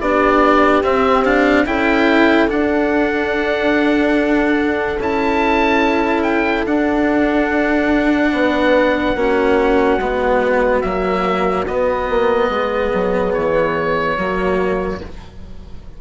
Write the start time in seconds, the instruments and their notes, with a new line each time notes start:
0.00 bassoon B3, cello D4, horn G4, oboe D5
0.83 bassoon C4, cello C4, oboe E5
1.25 cello D4, oboe F5
1.66 bassoon C#4, cello E4, horn A4, oboe G5
2.48 cello D4, bassoon D4, oboe F#5
4.99 bassoon C#4, cello E4, oboe A5
6.24 oboe G5
6.67 bassoon D4, cello D4, oboe F#5
8.33 bassoon B3, horn B4
9.15 bassoon A#3, cello C#4, horn F#4
9.98 bassoon G#3, cello B3
10.82 bassoon F#3, cello A#3, oboe E5
11.68 cello B3, bassoon B3, oboe D#5
12.09 bassoon A#3
12.49 bassoon G#3, horn G#4
12.94 bassoon F#3
13.34 bassoon E3, oboe C#5
14.18 bassoon F#3, cello A#3, horn F#4